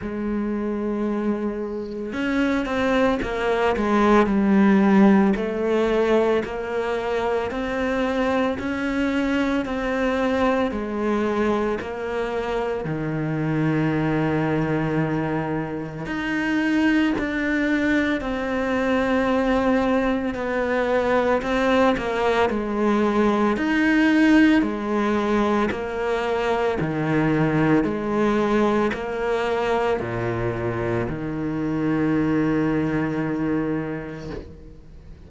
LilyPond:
\new Staff \with { instrumentName = "cello" } { \time 4/4 \tempo 4 = 56 gis2 cis'8 c'8 ais8 gis8 | g4 a4 ais4 c'4 | cis'4 c'4 gis4 ais4 | dis2. dis'4 |
d'4 c'2 b4 | c'8 ais8 gis4 dis'4 gis4 | ais4 dis4 gis4 ais4 | ais,4 dis2. | }